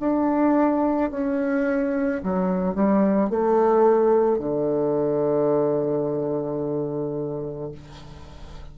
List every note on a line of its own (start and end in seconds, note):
0.00 1.11 D4
1.11 2.22 C#4
2.23 2.75 F#3
2.75 3.30 G3
3.30 4.39 A3
4.39 7.72 D3